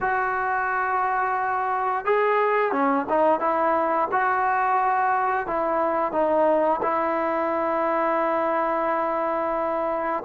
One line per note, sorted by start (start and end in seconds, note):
0.01 2.05 F#4
2.05 2.71 G#4
2.71 3.06 C#4
3.09 3.40 D#4
3.40 4.08 E4
4.11 5.47 F#4
5.47 6.12 E4
6.12 6.80 D#4
6.82 10.23 E4